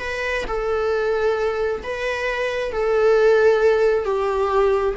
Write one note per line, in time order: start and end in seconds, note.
0.00 0.45 B4
0.47 1.83 A4
1.84 2.72 B4
2.72 4.05 A4
4.05 4.95 G4